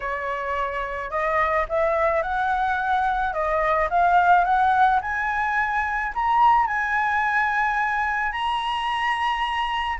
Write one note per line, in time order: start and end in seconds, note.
0.00 1.10 C#5
1.10 1.66 D#5
1.68 2.22 E5
2.22 3.33 F#5
3.33 3.88 D#5
3.90 4.44 F5
4.44 5.00 F#5
5.01 6.12 G#5
6.14 6.67 A#5
6.67 8.32 G#5
8.32 9.98 A#5